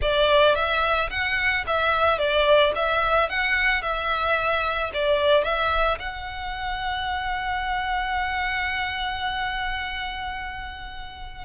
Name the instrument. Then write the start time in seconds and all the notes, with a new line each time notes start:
violin
0.01 D5
0.55 E5
1.10 F#5
1.66 E5
2.18 D5
2.75 E5
3.29 F#5
3.82 E5
4.93 D5
5.44 E5
5.99 F#5